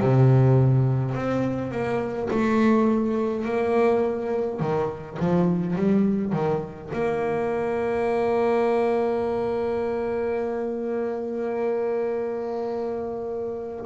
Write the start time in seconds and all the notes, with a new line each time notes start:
0.00 C3
1.14 C4
1.71 A#3
2.30 A3
3.45 A#3
4.59 D#3
5.19 F3
5.75 G3
6.32 D#3
6.92 A#3